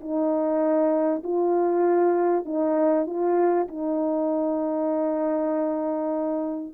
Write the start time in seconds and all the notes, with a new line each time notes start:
0.00 D#4
1.24 F4
2.45 D#4
3.06 F4
3.68 D#4